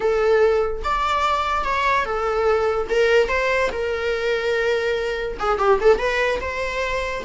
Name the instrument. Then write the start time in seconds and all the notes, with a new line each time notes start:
viola
0.00 A4
0.84 D5
1.64 C#5
2.05 A4
2.89 A#4
3.28 C5
3.72 A#4
5.39 G#4
5.58 G4
5.80 A4
5.98 B4
6.40 C5